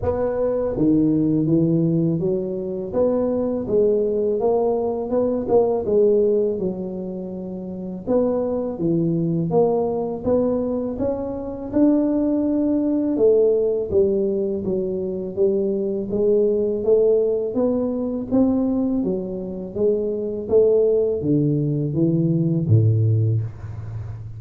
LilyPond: \new Staff \with { instrumentName = "tuba" } { \time 4/4 \tempo 4 = 82 b4 dis4 e4 fis4 | b4 gis4 ais4 b8 ais8 | gis4 fis2 b4 | e4 ais4 b4 cis'4 |
d'2 a4 g4 | fis4 g4 gis4 a4 | b4 c'4 fis4 gis4 | a4 d4 e4 a,4 | }